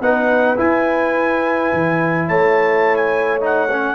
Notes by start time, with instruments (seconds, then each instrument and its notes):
0.00 tuba B3, trombone D#4, horn B4, trumpet F#5
0.57 trombone E4, tuba E4, trumpet G#5
1.73 tuba E3
2.28 tuba A3, horn C#5, trumpet A5
2.96 trumpet G#5
3.40 trombone D#4, trumpet F#5
3.71 trombone C#4